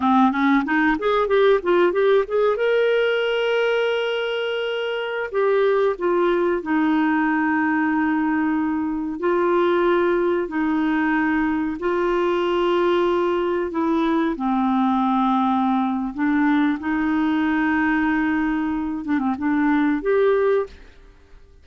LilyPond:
\new Staff \with { instrumentName = "clarinet" } { \time 4/4 \tempo 4 = 93 c'8 cis'8 dis'8 gis'8 g'8 f'8 g'8 gis'8 | ais'1~ | ais'16 g'4 f'4 dis'4.~ dis'16~ | dis'2~ dis'16 f'4.~ f'16~ |
f'16 dis'2 f'4.~ f'16~ | f'4~ f'16 e'4 c'4.~ c'16~ | c'4 d'4 dis'2~ | dis'4. d'16 c'16 d'4 g'4 | }